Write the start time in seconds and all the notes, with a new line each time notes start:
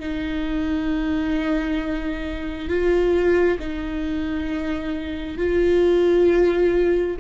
0.00 D#4
2.69 F4
3.60 D#4
5.38 F4